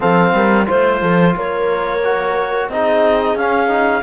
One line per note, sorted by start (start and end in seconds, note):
0.00 0.32 F3
0.00 0.65 C4
0.00 0.34 A4
0.00 0.68 F5
0.32 0.66 G3
0.32 0.67 A#4
0.65 1.01 A3
0.65 2.00 F4
0.65 1.00 C5
0.65 1.36 C5
1.01 1.35 F3
1.01 1.35 A4
1.36 2.68 A#3
1.36 2.71 A#4
1.36 2.70 C#5
2.04 2.71 F#4
2.68 3.34 C4
2.68 3.38 D#4
2.68 4.03 G#4
2.68 3.37 D#5
3.34 4.02 C#4
3.34 3.68 C#4
3.34 4.03 F5
3.68 4.02 D#4